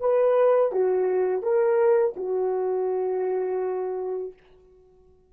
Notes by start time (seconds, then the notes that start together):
0.00 B4
0.72 F#4
1.42 A#4
2.16 F#4